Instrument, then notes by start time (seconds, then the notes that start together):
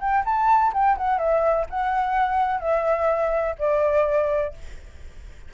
flute
0.00 G5
0.25 A5
0.74 G5
0.98 F#5
1.19 E5
1.70 F#5
2.61 E5
3.59 D5